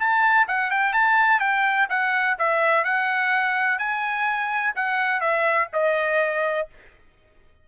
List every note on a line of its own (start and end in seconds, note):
0.00 0.48 A5
0.48 0.71 F#5
0.71 0.94 G5
0.94 1.40 A5
1.40 1.88 G5
1.90 2.37 F#5
2.39 2.85 E5
2.85 3.79 F#5
3.79 4.74 G#5
4.76 5.21 F#5
5.21 5.69 E5
5.74 6.69 D#5